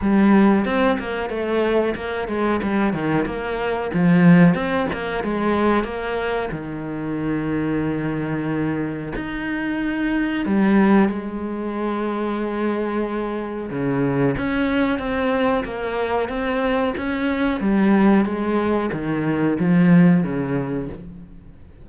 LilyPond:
\new Staff \with { instrumentName = "cello" } { \time 4/4 \tempo 4 = 92 g4 c'8 ais8 a4 ais8 gis8 | g8 dis8 ais4 f4 c'8 ais8 | gis4 ais4 dis2~ | dis2 dis'2 |
g4 gis2.~ | gis4 cis4 cis'4 c'4 | ais4 c'4 cis'4 g4 | gis4 dis4 f4 cis4 | }